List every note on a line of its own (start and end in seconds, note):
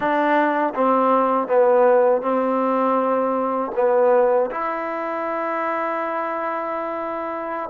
0.00 0.73 D4
0.74 1.47 C4
1.47 2.21 B3
2.21 3.71 C4
3.75 4.50 B3
4.50 7.69 E4